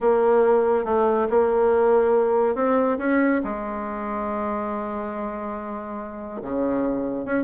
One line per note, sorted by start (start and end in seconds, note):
0.01 0.85 A#3
0.85 1.27 A3
1.30 2.55 A#3
2.55 2.97 C4
2.98 3.41 C#4
3.44 6.41 G#3
6.41 7.25 C#3
7.25 7.43 C#4